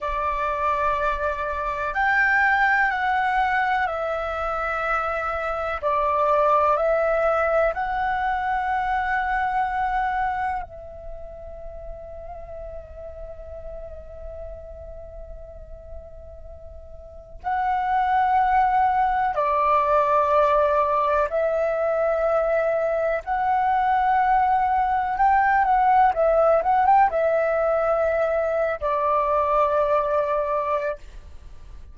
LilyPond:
\new Staff \with { instrumentName = "flute" } { \time 4/4 \tempo 4 = 62 d''2 g''4 fis''4 | e''2 d''4 e''4 | fis''2. e''4~ | e''1~ |
e''2 fis''2 | d''2 e''2 | fis''2 g''8 fis''8 e''8 fis''16 g''16 | e''4.~ e''16 d''2~ d''16 | }